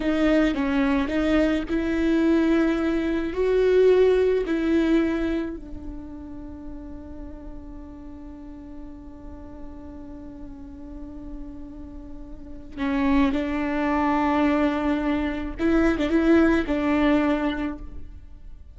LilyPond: \new Staff \with { instrumentName = "viola" } { \time 4/4 \tempo 4 = 108 dis'4 cis'4 dis'4 e'4~ | e'2 fis'2 | e'2 d'2~ | d'1~ |
d'1~ | d'2. cis'4 | d'1 | e'8. d'16 e'4 d'2 | }